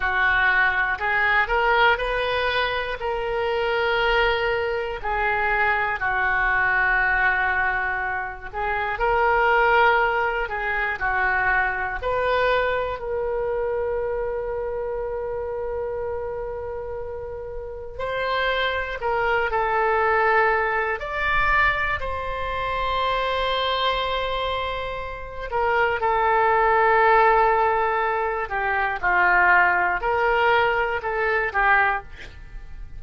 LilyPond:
\new Staff \with { instrumentName = "oboe" } { \time 4/4 \tempo 4 = 60 fis'4 gis'8 ais'8 b'4 ais'4~ | ais'4 gis'4 fis'2~ | fis'8 gis'8 ais'4. gis'8 fis'4 | b'4 ais'2.~ |
ais'2 c''4 ais'8 a'8~ | a'4 d''4 c''2~ | c''4. ais'8 a'2~ | a'8 g'8 f'4 ais'4 a'8 g'8 | }